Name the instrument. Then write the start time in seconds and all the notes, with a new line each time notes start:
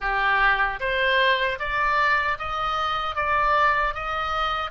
oboe
0.00 G4
0.80 C5
1.59 D5
2.38 D#5
3.15 D5
3.94 D#5